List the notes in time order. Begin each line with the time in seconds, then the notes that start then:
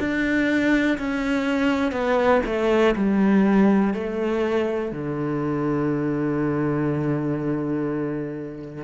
0.00 D4
0.98 C#4
1.92 B3
2.46 A3
2.96 G3
3.94 A3
4.92 D3